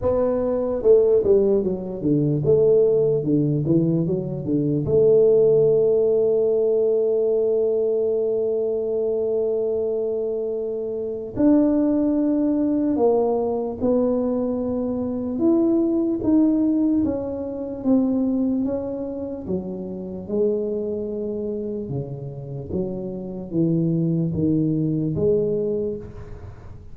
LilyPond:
\new Staff \with { instrumentName = "tuba" } { \time 4/4 \tempo 4 = 74 b4 a8 g8 fis8 d8 a4 | d8 e8 fis8 d8 a2~ | a1~ | a2 d'2 |
ais4 b2 e'4 | dis'4 cis'4 c'4 cis'4 | fis4 gis2 cis4 | fis4 e4 dis4 gis4 | }